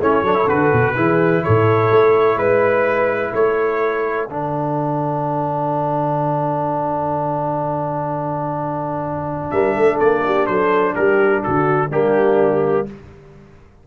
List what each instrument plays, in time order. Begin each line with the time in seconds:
0.00 tuba A3, trombone C#4, horn E4, trumpet C#5
0.22 tuba F#3, trombone D4, horn A4
0.34 trombone E4
0.46 tuba D3, trombone F#4, trumpet B4
0.72 tuba B2
0.95 tuba E3, trombone E4, horn G#4
1.43 tuba A2, horn A4, trumpet C#5
1.91 tuba A3
2.36 tuba G#3, trumpet B4, horn B4
3.33 tuba A3, horn A4, trumpet C#5
4.28 tuba D3, trombone D4, trumpet F#5
9.50 tuba G3, horn A#4, trumpet E5
9.75 tuba A3, horn A4
9.99 tuba A#3, trumpet D5
10.25 horn G4
10.46 tuba F#3, horn A4, trumpet C5
10.94 tuba G3, horn G4, trumpet A#4
11.43 tuba D3, horn F#4, trumpet A4
11.89 tuba G3, trombone A#3, horn D4, trumpet G4